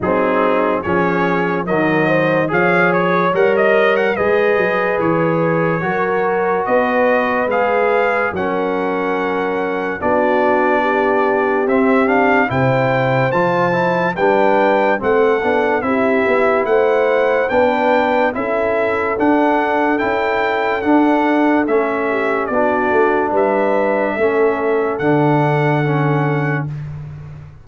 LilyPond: <<
  \new Staff \with { instrumentName = "trumpet" } { \time 4/4 \tempo 4 = 72 gis'4 cis''4 dis''4 f''8 cis''8 | fis''16 dis''8 fis''16 dis''4 cis''2 | dis''4 f''4 fis''2 | d''2 e''8 f''8 g''4 |
a''4 g''4 fis''4 e''4 | fis''4 g''4 e''4 fis''4 | g''4 fis''4 e''4 d''4 | e''2 fis''2 | }
  \new Staff \with { instrumentName = "horn" } { \time 4/4 dis'4 gis'4 ais'8 c''8 cis''4~ | cis''4 b'2 ais'4 | b'2 ais'2 | fis'4 g'2 c''4~ |
c''4 b'4 a'4 g'4 | c''4 b'4 a'2~ | a'2~ a'8 g'8 fis'4 | b'4 a'2. | }
  \new Staff \with { instrumentName = "trombone" } { \time 4/4 c'4 cis'4 fis4 gis'4 | ais'4 gis'2 fis'4~ | fis'4 gis'4 cis'2 | d'2 c'8 d'8 e'4 |
f'8 e'8 d'4 c'8 d'8 e'4~ | e'4 d'4 e'4 d'4 | e'4 d'4 cis'4 d'4~ | d'4 cis'4 d'4 cis'4 | }
  \new Staff \with { instrumentName = "tuba" } { \time 4/4 fis4 f4 dis4 f4 | g4 gis8 fis8 e4 fis4 | b4 gis4 fis2 | b2 c'4 c4 |
f4 g4 a8 b8 c'8 b8 | a4 b4 cis'4 d'4 | cis'4 d'4 a4 b8 a8 | g4 a4 d2 | }
>>